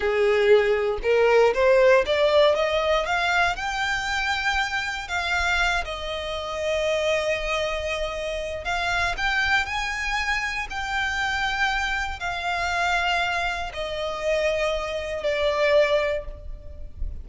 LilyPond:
\new Staff \with { instrumentName = "violin" } { \time 4/4 \tempo 4 = 118 gis'2 ais'4 c''4 | d''4 dis''4 f''4 g''4~ | g''2 f''4. dis''8~ | dis''1~ |
dis''4 f''4 g''4 gis''4~ | gis''4 g''2. | f''2. dis''4~ | dis''2 d''2 | }